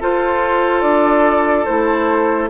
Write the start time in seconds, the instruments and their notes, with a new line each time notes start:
0.00 clarinet F4, bassoon F4, oboe A4, flute C5
0.81 bassoon D4, flute D5
1.65 bassoon A3, clarinet E4, flute C5